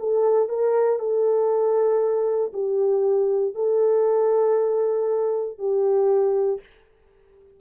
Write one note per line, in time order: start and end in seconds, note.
0.00 0.49 A4
0.49 1.00 A#4
1.00 2.52 A4
2.53 3.55 G4
3.55 5.59 A4
5.59 6.61 G4